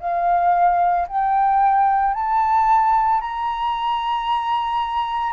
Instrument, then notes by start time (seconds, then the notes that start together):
flute
0.00 F5
1.09 G5
2.14 A5
3.21 A#5